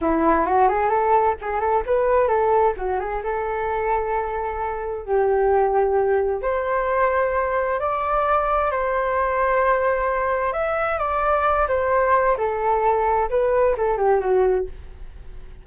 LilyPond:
\new Staff \with { instrumentName = "flute" } { \time 4/4 \tempo 4 = 131 e'4 fis'8 gis'8 a'4 gis'8 a'8 | b'4 a'4 fis'8 gis'8 a'4~ | a'2. g'4~ | g'2 c''2~ |
c''4 d''2 c''4~ | c''2. e''4 | d''4. c''4. a'4~ | a'4 b'4 a'8 g'8 fis'4 | }